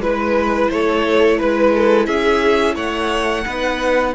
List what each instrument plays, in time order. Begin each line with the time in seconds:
0.00 cello G#3, viola E4, violin B4
0.70 cello A3, violin A4 C#5
1.37 cello G#3, violin B4
1.75 violin A4
2.05 cello C#4, violin G#4 E5
2.74 cello A3, violin C#5 F#5
3.45 cello B3, viola D#4, violin B4